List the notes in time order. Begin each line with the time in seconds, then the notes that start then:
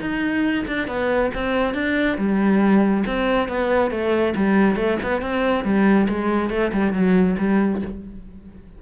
0.00 D#4
0.67 D4
0.87 B3
1.34 C4
1.74 D4
2.17 G3
3.06 C4
3.48 B3
3.90 A3
4.36 G3
4.76 A3
5.03 B3
5.21 C4
5.64 G3
6.08 G#3
6.50 A3
6.73 G3
6.92 F#3
7.38 G3